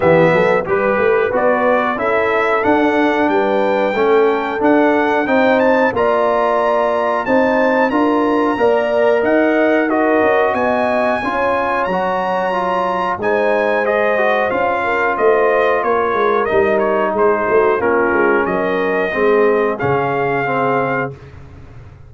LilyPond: <<
  \new Staff \with { instrumentName = "trumpet" } { \time 4/4 \tempo 4 = 91 e''4 b'4 d''4 e''4 | fis''4 g''2 fis''4 | g''8 a''8 ais''2 a''4 | ais''2 fis''4 dis''4 |
gis''2 ais''2 | gis''4 dis''4 f''4 dis''4 | cis''4 dis''8 cis''8 c''4 ais'4 | dis''2 f''2 | }
  \new Staff \with { instrumentName = "horn" } { \time 4/4 g'8 a'8 b'2 a'4~ | a'4 b'4 a'2 | c''4 d''2 c''4 | ais'4 d''4 dis''4 ais'4 |
dis''4 cis''2. | c''2~ c''8 ais'8 c''4 | ais'2 gis'8 fis'8 f'4 | ais'4 gis'2. | }
  \new Staff \with { instrumentName = "trombone" } { \time 4/4 b4 g'4 fis'4 e'4 | d'2 cis'4 d'4 | dis'4 f'2 dis'4 | f'4 ais'2 fis'4~ |
fis'4 f'4 fis'4 f'4 | dis'4 gis'8 fis'8 f'2~ | f'4 dis'2 cis'4~ | cis'4 c'4 cis'4 c'4 | }
  \new Staff \with { instrumentName = "tuba" } { \time 4/4 e8 fis8 g8 a8 b4 cis'4 | d'4 g4 a4 d'4 | c'4 ais2 c'4 | d'4 ais4 dis'4. cis'8 |
b4 cis'4 fis2 | gis2 cis'4 a4 | ais8 gis8 g4 gis8 a8 ais8 gis8 | fis4 gis4 cis2 | }
>>